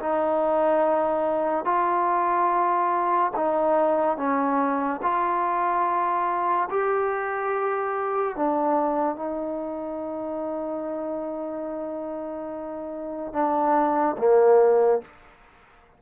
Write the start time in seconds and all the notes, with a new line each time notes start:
0.00 D#4
1.65 F4
3.36 D#4
4.17 C#4
5.03 F4
6.70 G4
8.37 D4
9.16 D#4
13.33 D4
14.19 A#3